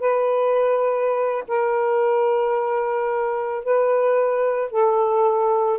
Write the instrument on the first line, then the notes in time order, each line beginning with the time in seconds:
saxophone
0.00 B4
1.48 A#4
3.64 B4
4.71 A4